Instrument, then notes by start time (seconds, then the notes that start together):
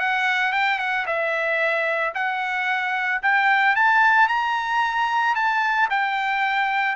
trumpet
0.00 F#5
0.53 G5
0.79 F#5
1.07 E5
2.15 F#5
3.23 G5
3.76 A5
4.28 A#5
5.36 A5
5.90 G5